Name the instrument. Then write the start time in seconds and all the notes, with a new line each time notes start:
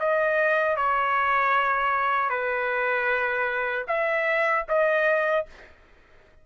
trumpet
0.00 D#5
0.77 C#5
2.30 B4
3.88 E5
4.69 D#5